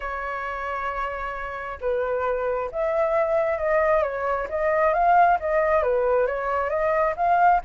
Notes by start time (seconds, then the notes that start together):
0.00 C#5
1.80 B4
2.71 E5
3.58 D#5
4.03 C#5
4.49 D#5
4.93 F5
5.39 D#5
5.82 B4
6.26 C#5
6.69 D#5
7.16 F5